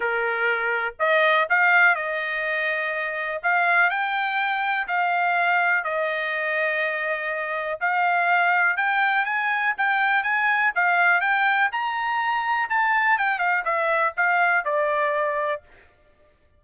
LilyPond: \new Staff \with { instrumentName = "trumpet" } { \time 4/4 \tempo 4 = 123 ais'2 dis''4 f''4 | dis''2. f''4 | g''2 f''2 | dis''1 |
f''2 g''4 gis''4 | g''4 gis''4 f''4 g''4 | ais''2 a''4 g''8 f''8 | e''4 f''4 d''2 | }